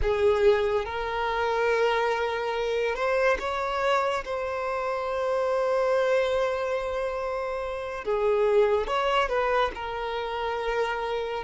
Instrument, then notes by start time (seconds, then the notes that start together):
violin
0.02 G#4
0.85 A#4
2.95 C5
3.39 C#5
4.24 C5
8.04 G#4
8.87 C#5
9.28 B4
9.74 A#4